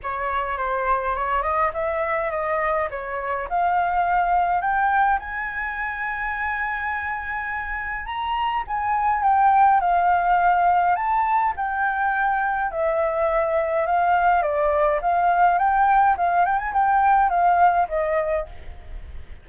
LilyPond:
\new Staff \with { instrumentName = "flute" } { \time 4/4 \tempo 4 = 104 cis''4 c''4 cis''8 dis''8 e''4 | dis''4 cis''4 f''2 | g''4 gis''2.~ | gis''2 ais''4 gis''4 |
g''4 f''2 a''4 | g''2 e''2 | f''4 d''4 f''4 g''4 | f''8 g''16 gis''16 g''4 f''4 dis''4 | }